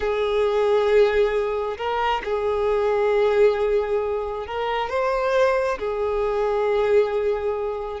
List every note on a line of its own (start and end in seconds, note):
0.00 1.77 G#4
1.77 2.22 A#4
2.24 4.46 G#4
4.46 4.89 A#4
4.89 5.78 C5
5.78 8.00 G#4